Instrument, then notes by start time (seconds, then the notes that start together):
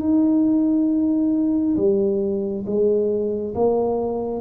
tuba
0.00 D#4
1.77 G3
2.66 G#3
3.55 A#3